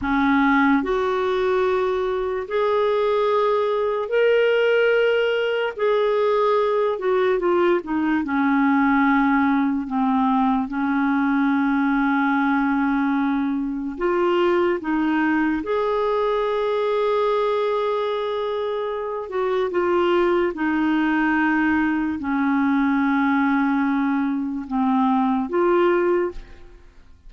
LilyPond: \new Staff \with { instrumentName = "clarinet" } { \time 4/4 \tempo 4 = 73 cis'4 fis'2 gis'4~ | gis'4 ais'2 gis'4~ | gis'8 fis'8 f'8 dis'8 cis'2 | c'4 cis'2.~ |
cis'4 f'4 dis'4 gis'4~ | gis'2.~ gis'8 fis'8 | f'4 dis'2 cis'4~ | cis'2 c'4 f'4 | }